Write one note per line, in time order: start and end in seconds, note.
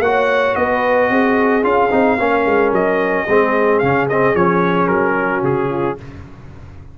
0.00 0.54 A#3
0.00 1.63 F#4
0.00 0.57 C#5
0.00 0.56 F#5
0.56 1.10 B3
0.56 1.11 B4
0.56 1.64 D#5
1.10 1.64 C4
1.10 2.19 G#4
1.63 1.91 C#4
1.63 1.90 F4
1.63 2.73 F5
1.91 2.20 C4
1.91 2.18 D#4
2.20 2.46 A#3
2.20 3.28 C#4
2.20 3.26 A#4
2.46 2.72 G#3
2.72 3.26 F#3
2.72 3.80 D#5
3.26 3.83 G#3
3.26 3.83 C4
3.26 5.16 G#4
3.80 4.36 C#3
3.80 4.10 C#4
3.80 4.07 F5
4.10 4.36 C4
4.10 4.36 D#5
4.36 4.89 F3
4.36 5.98 C#4
4.36 4.88 C#5
4.88 5.43 F#3
4.88 5.42 A#4
5.18 5.70 F#4
5.44 5.98 C#3
5.44 5.99 G#4
5.70 5.97 F4